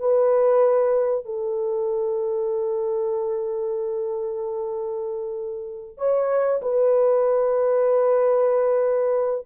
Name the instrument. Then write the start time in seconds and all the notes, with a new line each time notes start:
horn
0.00 B4
1.25 A4
5.98 C#5
6.62 B4